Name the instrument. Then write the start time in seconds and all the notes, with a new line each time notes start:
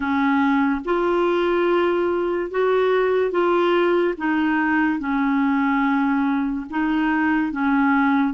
clarinet
0.00 C#4
0.84 F4
2.50 F#4
3.31 F4
4.17 D#4
4.99 C#4
6.70 D#4
7.52 C#4